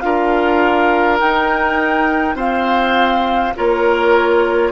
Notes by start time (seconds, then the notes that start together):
0.00 D4 F4 A#4 F5
1.20 D#4 G5
2.35 C4 F4 C5 F5
3.56 A#3 F4 A#4 C#5